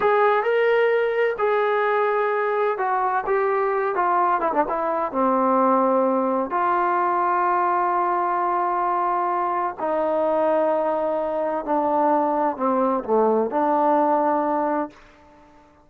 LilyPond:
\new Staff \with { instrumentName = "trombone" } { \time 4/4 \tempo 4 = 129 gis'4 ais'2 gis'4~ | gis'2 fis'4 g'4~ | g'8 f'4 e'16 d'16 e'4 c'4~ | c'2 f'2~ |
f'1~ | f'4 dis'2.~ | dis'4 d'2 c'4 | a4 d'2. | }